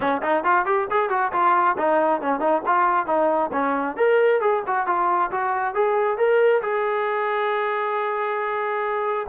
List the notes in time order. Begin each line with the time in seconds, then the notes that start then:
0.00 C#4
0.22 D#4
0.44 F4
0.65 G4
0.90 G#4
1.09 F#4
1.32 F4
1.77 D#4
2.21 C#4
2.40 D#4
2.66 F4
3.06 D#4
3.52 C#4
3.96 A#4
4.40 G#4
4.66 F#4
4.86 F4
5.31 F#4
5.74 G#4
6.17 A#4
6.62 G#4